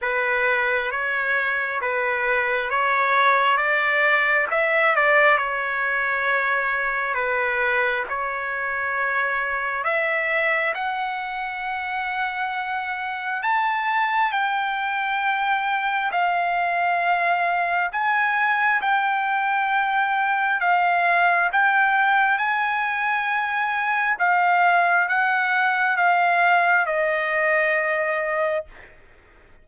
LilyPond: \new Staff \with { instrumentName = "trumpet" } { \time 4/4 \tempo 4 = 67 b'4 cis''4 b'4 cis''4 | d''4 e''8 d''8 cis''2 | b'4 cis''2 e''4 | fis''2. a''4 |
g''2 f''2 | gis''4 g''2 f''4 | g''4 gis''2 f''4 | fis''4 f''4 dis''2 | }